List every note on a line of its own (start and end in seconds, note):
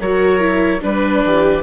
0.00 0.81 F#3
0.00 0.40 F#4
0.00 0.82 A#4
0.00 0.82 C#5
0.40 0.80 E4
0.81 1.24 G3
0.81 1.62 D4
0.81 1.24 B4
0.81 1.63 B4
1.25 1.63 E3
1.25 1.63 G4